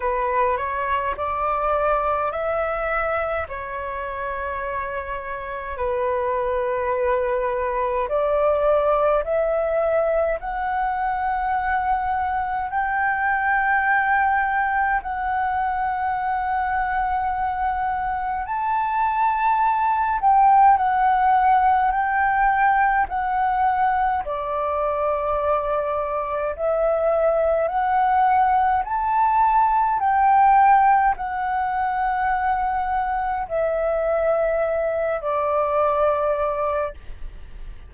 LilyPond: \new Staff \with { instrumentName = "flute" } { \time 4/4 \tempo 4 = 52 b'8 cis''8 d''4 e''4 cis''4~ | cis''4 b'2 d''4 | e''4 fis''2 g''4~ | g''4 fis''2. |
a''4. g''8 fis''4 g''4 | fis''4 d''2 e''4 | fis''4 a''4 g''4 fis''4~ | fis''4 e''4. d''4. | }